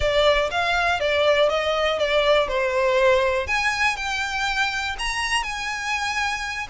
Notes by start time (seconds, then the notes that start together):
0.00 D5
0.50 F5
1.00 D5
1.49 D#5
1.98 D5
2.48 C5
3.47 G#5
3.96 G5
4.98 A#5
5.43 G#5